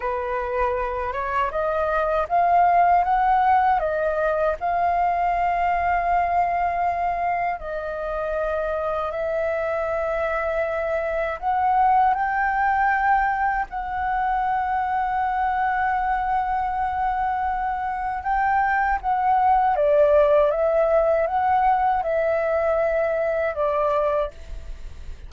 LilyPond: \new Staff \with { instrumentName = "flute" } { \time 4/4 \tempo 4 = 79 b'4. cis''8 dis''4 f''4 | fis''4 dis''4 f''2~ | f''2 dis''2 | e''2. fis''4 |
g''2 fis''2~ | fis''1 | g''4 fis''4 d''4 e''4 | fis''4 e''2 d''4 | }